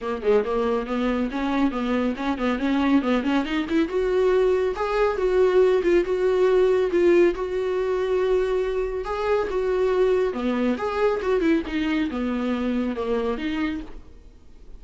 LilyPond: \new Staff \with { instrumentName = "viola" } { \time 4/4 \tempo 4 = 139 ais8 gis8 ais4 b4 cis'4 | b4 cis'8 b8 cis'4 b8 cis'8 | dis'8 e'8 fis'2 gis'4 | fis'4. f'8 fis'2 |
f'4 fis'2.~ | fis'4 gis'4 fis'2 | b4 gis'4 fis'8 e'8 dis'4 | b2 ais4 dis'4 | }